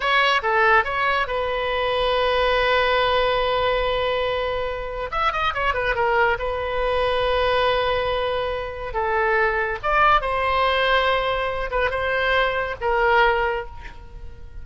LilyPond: \new Staff \with { instrumentName = "oboe" } { \time 4/4 \tempo 4 = 141 cis''4 a'4 cis''4 b'4~ | b'1~ | b'1 | e''8 dis''8 cis''8 b'8 ais'4 b'4~ |
b'1~ | b'4 a'2 d''4 | c''2.~ c''8 b'8 | c''2 ais'2 | }